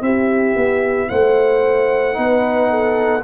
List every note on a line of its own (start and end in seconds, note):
0.00 0.54 C4
0.00 2.13 E4
0.00 1.09 G4
0.00 1.09 E5
0.55 1.09 B3
1.09 2.17 A3
1.09 2.16 C5
1.09 3.23 F#5
2.13 3.23 B3
2.13 3.20 D#4
2.19 2.70 B4
2.70 3.23 A4